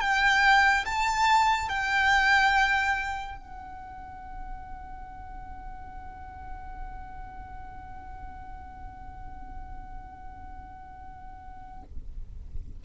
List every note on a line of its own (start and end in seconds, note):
0.00 0.85 G5
0.85 1.68 A5
1.68 3.37 G5
3.37 11.82 F#5